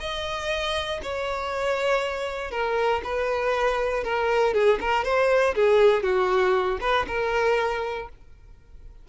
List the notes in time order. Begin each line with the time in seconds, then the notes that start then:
0.00 D#5
1.02 C#5
2.51 A#4
3.04 B4
4.04 A#4
4.54 G#4
4.81 A#4
5.04 C5
5.55 G#4
6.03 F#4
6.81 B4
7.08 A#4